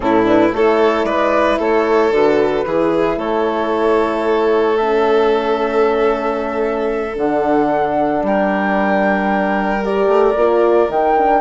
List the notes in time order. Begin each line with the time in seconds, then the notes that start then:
0.00 A2 C#4 E4 A4
0.24 D4 B4
0.52 A3 E4 A4 C#5
1.04 G#3 B4 D5
1.59 A3 A4 C#5
2.10 D3 F#4 B4
2.66 E3 E4 G#4
3.16 A3 A4 C#5
4.77 C#4 E5
7.14 D3 D4 F#5
8.22 G3 A#4 G5
9.83 G4 D5
10.07 A3
10.36 A#3 F4
10.88 D#3 D#4 G5
11.17 D4